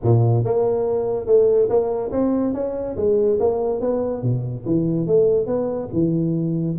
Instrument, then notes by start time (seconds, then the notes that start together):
tuba
0.02 A#2
0.44 A#3
1.26 A3
1.69 A#3
2.11 C4
2.53 C#4
2.96 G#3
3.39 A#3
3.80 B3
4.22 B2
4.65 E3
5.06 A3
5.46 B3
5.92 E3